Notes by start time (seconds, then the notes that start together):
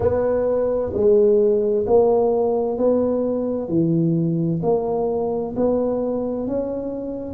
0.00 B3
0.93 G#3
1.87 A#3
2.77 B3
3.68 E3
4.62 A#3
5.56 B3
6.47 C#4